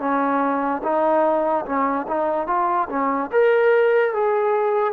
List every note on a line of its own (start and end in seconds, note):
0.00 0.82 C#4
0.83 1.66 D#4
1.66 2.07 C#4
2.08 2.47 D#4
2.47 2.88 F4
2.90 3.31 C#4
3.32 4.14 A#4
4.14 4.94 G#4